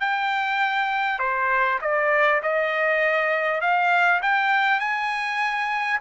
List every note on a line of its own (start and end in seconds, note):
0.00 1.19 G5
1.19 1.79 C5
1.81 2.41 D5
2.42 3.61 D#5
3.61 4.21 F5
4.22 4.80 G5
4.80 6.00 G#5